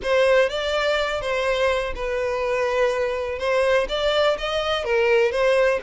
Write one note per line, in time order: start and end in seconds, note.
0.02 0.49 C5
0.49 1.21 D5
1.21 1.93 C5
1.95 3.38 B4
3.38 3.87 C5
3.88 4.37 D5
4.37 4.84 D#5
4.84 5.31 A#4
5.31 5.80 C5